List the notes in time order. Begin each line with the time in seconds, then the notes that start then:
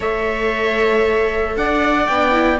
0.00 A3 A4 C#5 E5
1.56 D4 D5 F#5
2.07 B3 D4 G5
2.32 E4